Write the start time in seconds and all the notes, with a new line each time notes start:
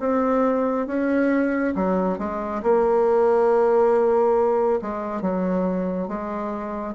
0.00 C4
0.87 C#4
1.75 F#3
2.19 G#3
2.63 A#3
4.82 G#3
5.22 F#3
6.08 G#3